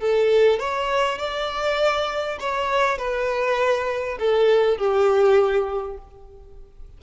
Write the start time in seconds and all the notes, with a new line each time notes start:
0.00 A4
0.59 C#5
1.18 D5
2.40 C#5
2.98 B4
4.19 A4
4.77 G4